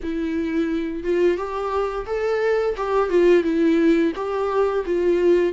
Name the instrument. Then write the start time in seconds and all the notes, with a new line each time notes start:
viola
0.02 E4
1.03 F4
1.37 G4
2.06 A4
2.76 G4
3.09 F4
3.43 E4
4.15 G4
4.85 F4